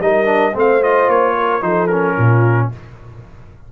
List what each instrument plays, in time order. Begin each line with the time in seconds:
0.00 tuba G3, trombone D#4, horn A#4, trumpet D#5
0.25 trombone D4
0.54 tuba A3, trombone C4, horn C5, trumpet F5
0.82 trombone F4, trumpet D#5
1.08 tuba A#3, trumpet C#5
1.37 horn A#4
1.61 tuba F3, trombone D#4, horn A4, trumpet C5
1.87 trombone C#4, trumpet A#4
2.16 tuba A#2, horn F4